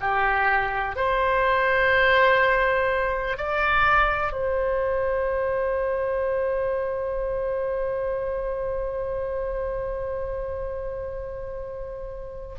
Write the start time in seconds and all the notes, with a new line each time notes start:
0.00 G4
0.95 C5
3.37 D5
4.32 C5